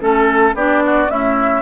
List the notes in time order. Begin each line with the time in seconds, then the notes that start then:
0.00 A3 C#4 A4
0.54 B3 D4 G4 D5
0.85 F#4
1.08 A3 C#4 E4 E5